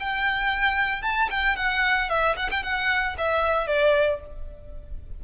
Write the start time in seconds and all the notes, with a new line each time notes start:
0.00 G5
1.03 A5
1.31 G5
1.57 F#5
2.09 E5
2.37 F#5
2.51 G5
2.64 F#5
3.18 E5
3.67 D5